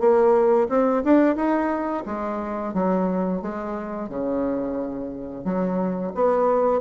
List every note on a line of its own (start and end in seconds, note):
0.00 0.68 A#3
0.69 1.03 C4
1.04 1.36 D4
1.36 2.04 D#4
2.06 2.74 G#3
2.74 3.42 F#3
3.42 4.09 G#3
4.09 5.45 C#3
5.45 6.13 F#3
6.15 6.81 B3